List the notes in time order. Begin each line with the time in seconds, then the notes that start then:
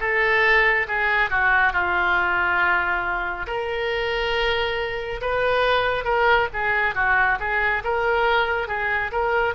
0.00 A4
0.88 G#4
1.30 F#4
1.73 F4
3.47 A#4
5.21 B4
6.05 A#4
6.53 G#4
6.95 F#4
7.40 G#4
7.84 A#4
8.68 G#4
9.11 A#4